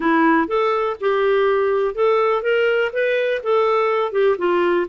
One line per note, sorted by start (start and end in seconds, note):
0.00 0.47 E4
0.47 0.96 A4
1.00 1.94 G4
1.94 2.42 A4
2.42 2.91 A#4
2.92 3.41 B4
3.43 4.12 A4
4.12 4.36 G4
4.38 4.86 F4